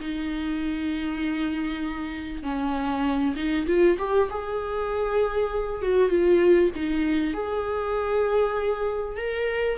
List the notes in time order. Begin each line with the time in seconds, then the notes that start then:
0.00 D#4
2.43 C#4
3.36 D#4
3.67 F4
3.99 G4
4.30 G#4
5.82 F#4
6.10 F4
6.75 D#4
7.34 G#4
9.17 A#4